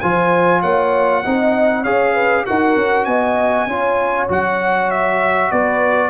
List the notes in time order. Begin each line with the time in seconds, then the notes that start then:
0.00 F3 F4 C5 G#5
0.60 A#3 C#5 F#5
1.24 C4 D#4 D#5
1.82 C#4 G#4 C#5 F5
2.13 B4
2.45 D#4 F#4 A#4 F#5
2.76 C#4
3.04 B3 D#5 G#5
3.66 C#4 F4 C#5
4.28 F#3 F#4 F#5
4.90 E5
5.51 B3 B4 D5